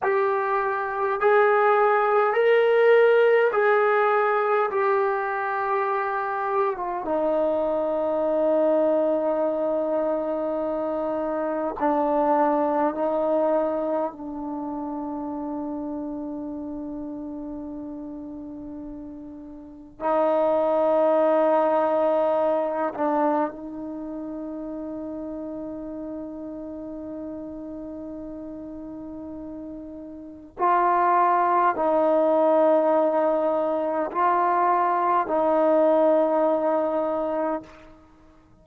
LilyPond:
\new Staff \with { instrumentName = "trombone" } { \time 4/4 \tempo 4 = 51 g'4 gis'4 ais'4 gis'4 | g'4.~ g'16 f'16 dis'2~ | dis'2 d'4 dis'4 | d'1~ |
d'4 dis'2~ dis'8 d'8 | dis'1~ | dis'2 f'4 dis'4~ | dis'4 f'4 dis'2 | }